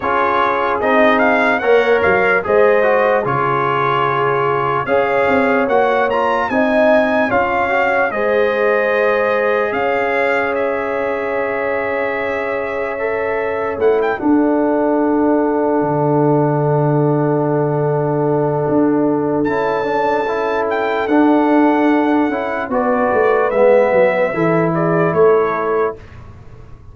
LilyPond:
<<
  \new Staff \with { instrumentName = "trumpet" } { \time 4/4 \tempo 4 = 74 cis''4 dis''8 f''8 fis''8 f''8 dis''4 | cis''2 f''4 fis''8 ais''8 | gis''4 f''4 dis''2 | f''4 e''2.~ |
e''4 fis''16 g''16 fis''2~ fis''8~ | fis''1 | a''4. g''8 fis''2 | d''4 e''4. d''8 cis''4 | }
  \new Staff \with { instrumentName = "horn" } { \time 4/4 gis'2 cis''4 c''4 | gis'2 cis''2 | dis''4 cis''4 c''2 | cis''1~ |
cis''4. a'2~ a'8~ | a'1~ | a'1 | b'2 a'8 gis'8 a'4 | }
  \new Staff \with { instrumentName = "trombone" } { \time 4/4 f'4 dis'4 ais'4 gis'8 fis'8 | f'2 gis'4 fis'8 f'8 | dis'4 f'8 fis'8 gis'2~ | gis'1 |
a'4 e'8 d'2~ d'8~ | d'1 | e'8 d'8 e'4 d'4. e'8 | fis'4 b4 e'2 | }
  \new Staff \with { instrumentName = "tuba" } { \time 4/4 cis'4 c'4 ais8 fis8 gis4 | cis2 cis'8 c'8 ais4 | c'4 cis'4 gis2 | cis'1~ |
cis'4 a8 d'2 d8~ | d2. d'4 | cis'2 d'4. cis'8 | b8 a8 gis8 fis8 e4 a4 | }
>>